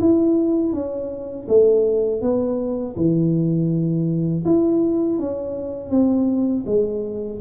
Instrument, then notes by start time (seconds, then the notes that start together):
tuba
0.00 E4
0.73 C#4
1.48 A3
2.21 B3
2.96 E3
4.45 E4
5.19 C#4
5.90 C4
6.66 G#3